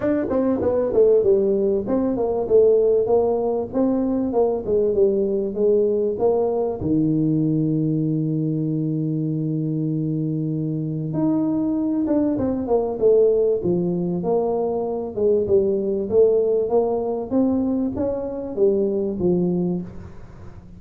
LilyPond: \new Staff \with { instrumentName = "tuba" } { \time 4/4 \tempo 4 = 97 d'8 c'8 b8 a8 g4 c'8 ais8 | a4 ais4 c'4 ais8 gis8 | g4 gis4 ais4 dis4~ | dis1~ |
dis2 dis'4. d'8 | c'8 ais8 a4 f4 ais4~ | ais8 gis8 g4 a4 ais4 | c'4 cis'4 g4 f4 | }